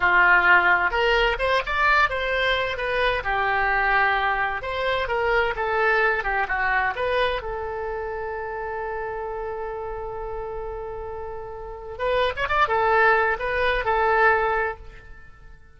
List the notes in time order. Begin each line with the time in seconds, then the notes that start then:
0.00 F4
0.90 A#4
1.38 C5
1.66 D5
2.09 C5
2.77 B4
3.23 G4
4.62 C5
5.07 A#4
5.56 A4
6.23 G4
6.48 F#4
6.95 B4
7.41 A4
11.98 B4
12.36 C#5
12.48 D5
12.68 A4
13.39 B4
13.85 A4